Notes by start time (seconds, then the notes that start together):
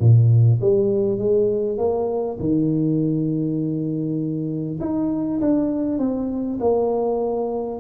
0.00 A#2
0.61 G3
1.18 G#3
1.78 A#3
2.40 D#3
4.81 D#4
5.41 D4
5.99 C4
6.61 A#3